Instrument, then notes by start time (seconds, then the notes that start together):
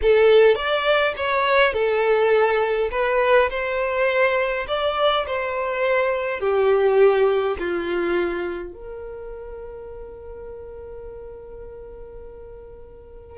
violin
0.02 A4
0.55 D5
1.16 C#5
1.73 A4
2.91 B4
3.50 C5
4.67 D5
5.26 C5
6.39 G4
7.59 F4
8.73 A#4